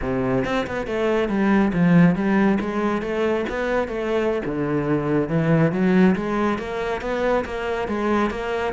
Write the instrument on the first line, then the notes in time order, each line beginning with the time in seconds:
cello
0.01 C3
0.45 C4
0.66 B3
0.87 A3
1.29 G3
1.73 F3
2.15 G3
2.60 G#3
3.02 A3
3.49 B3
3.88 A3
4.45 D3
5.29 E3
5.72 F#3
6.15 G#3
6.58 A#3
7.01 B3
7.45 A#3
7.88 G#3
8.30 A#3